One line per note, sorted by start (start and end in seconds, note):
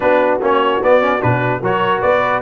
0.00 0.41 B3
0.00 0.40 D4
0.00 1.60 F#4
0.00 0.40 B4
0.41 0.81 A#3
0.41 0.81 C#4
0.41 0.83 C#5
0.81 1.22 B3
0.81 1.00 B3
0.81 1.21 D5
1.00 1.20 C#4
1.20 1.61 B2
1.20 1.60 D4
1.20 1.62 B4
1.60 2.02 F#3
1.60 2.41 F#4
1.60 2.00 A#4
1.60 2.01 C#5
2.00 2.41 B3
2.00 2.41 B4
2.00 2.41 D5